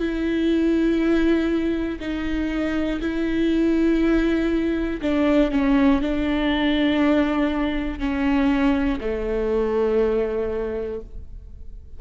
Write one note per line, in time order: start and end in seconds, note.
0.00 2.00 E4
2.01 3.01 D#4
3.01 5.01 E4
5.02 5.52 D4
5.52 6.01 C#4
6.01 8.00 D4
8.00 9.00 C#4
9.01 11.01 A3